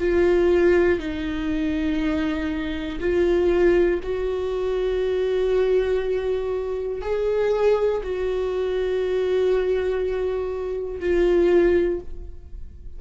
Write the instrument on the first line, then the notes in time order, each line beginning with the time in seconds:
viola
0.00 F4
1.00 D#4
3.00 F4
4.03 F#4
7.02 G#4
8.03 F#4
11.00 F4